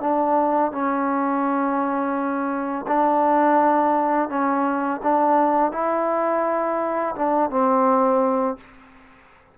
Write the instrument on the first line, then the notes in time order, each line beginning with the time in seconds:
trombone
0.00 D4
0.71 C#4
2.87 D4
4.29 C#4
5.03 D4
5.72 E4
7.15 D4
7.50 C4